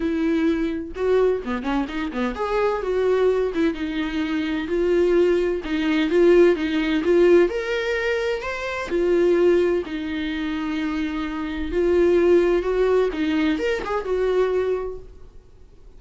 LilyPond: \new Staff \with { instrumentName = "viola" } { \time 4/4 \tempo 4 = 128 e'2 fis'4 b8 cis'8 | dis'8 b8 gis'4 fis'4. e'8 | dis'2 f'2 | dis'4 f'4 dis'4 f'4 |
ais'2 c''4 f'4~ | f'4 dis'2.~ | dis'4 f'2 fis'4 | dis'4 ais'8 gis'8 fis'2 | }